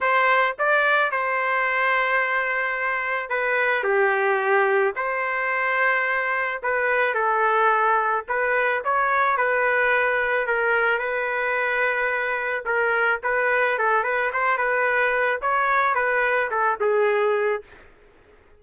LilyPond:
\new Staff \with { instrumentName = "trumpet" } { \time 4/4 \tempo 4 = 109 c''4 d''4 c''2~ | c''2 b'4 g'4~ | g'4 c''2. | b'4 a'2 b'4 |
cis''4 b'2 ais'4 | b'2. ais'4 | b'4 a'8 b'8 c''8 b'4. | cis''4 b'4 a'8 gis'4. | }